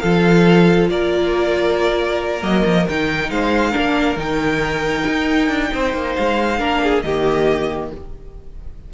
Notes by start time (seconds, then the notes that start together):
0.00 F3 F4 A4 F5
0.90 A#3 A#4 D5
2.41 F#3 A#3 D#5
2.65 F3
2.89 D#3 D#4 G5
3.31 G#3 C5 F5
3.71 A#3 D4 A#4
4.17 D#3 D#4 G5
5.07 D#4
5.49 D4
5.74 C4 C5
5.94 A#3
6.16 G#3 F5
6.59 A#3 D4 A#4
6.83 G#4
7.02 D#3 A#3 G4 D#5